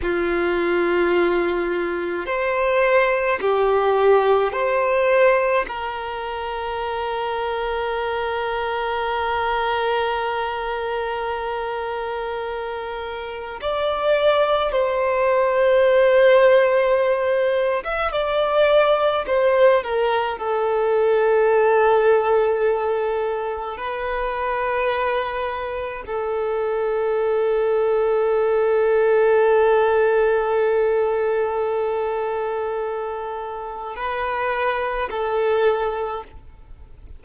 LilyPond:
\new Staff \with { instrumentName = "violin" } { \time 4/4 \tempo 4 = 53 f'2 c''4 g'4 | c''4 ais'2.~ | ais'1 | d''4 c''2~ c''8. e''16 |
d''4 c''8 ais'8 a'2~ | a'4 b'2 a'4~ | a'1~ | a'2 b'4 a'4 | }